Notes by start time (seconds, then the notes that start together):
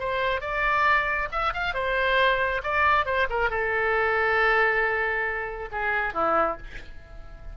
0.00 C5
0.41 D5
1.32 E5
1.54 F5
1.74 C5
2.64 D5
3.06 C5
3.30 A#4
3.50 A4
5.72 G#4
6.14 E4